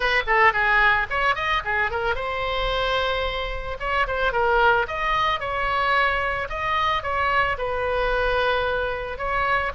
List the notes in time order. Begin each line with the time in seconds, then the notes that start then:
0.00 B4
0.27 A4
0.53 G#4
1.10 C#5
1.35 D#5
1.64 G#4
1.91 A#4
2.15 C5
3.79 C#5
4.07 C5
4.32 A#4
4.87 D#5
5.40 C#5
6.49 D#5
7.02 C#5
7.57 B4
9.17 C#5